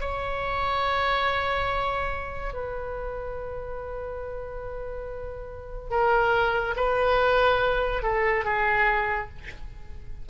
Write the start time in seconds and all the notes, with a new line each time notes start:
0.00 C#5
2.54 B4
5.90 A#4
6.76 B4
8.03 A4
8.45 G#4